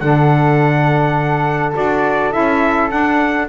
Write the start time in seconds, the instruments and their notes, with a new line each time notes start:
0.00 double bass D3, saxophone D4, flute A4, trumpet F#5
1.74 double bass D4, saxophone F#4, trumpet D5
2.31 double bass C#4, saxophone E4, trumpet E5
2.90 saxophone D4, double bass D4, trumpet F#5